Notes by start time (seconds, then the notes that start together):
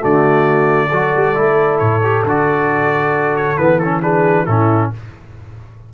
0.00 D3 A3 F#4 D5
0.88 F#3 F#4 A4
1.16 G3
1.35 A3 E4
1.79 A2 C#5
2.03 G4
2.24 D3 F#4 D5
3.36 C#5
3.57 E3 B3 B4
3.79 C#4 A4
4.01 D4 G#4 B4
4.45 A2 C#4 E4 A4